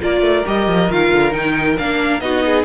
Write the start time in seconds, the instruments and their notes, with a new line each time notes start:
0.00 cello A#3, viola F4, violin A#4 D5
0.21 cello A3
0.45 cello G3, viola G4, violin D#5
0.68 cello F3
0.90 cello D#3, viola F4, violin F5
1.13 cello D3
1.32 cello D#3, viola D#4, violin G5
1.78 cello A#3, viola D4, violin F5
2.21 cello B3, viola D#4, violin F#4 D#5
2.46 violin G#4